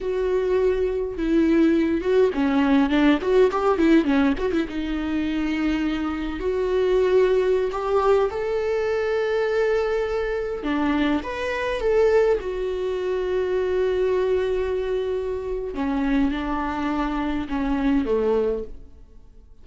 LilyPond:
\new Staff \with { instrumentName = "viola" } { \time 4/4 \tempo 4 = 103 fis'2 e'4. fis'8 | cis'4 d'8 fis'8 g'8 e'8 cis'8 fis'16 e'16 | dis'2. fis'4~ | fis'4~ fis'16 g'4 a'4.~ a'16~ |
a'2~ a'16 d'4 b'8.~ | b'16 a'4 fis'2~ fis'8.~ | fis'2. cis'4 | d'2 cis'4 a4 | }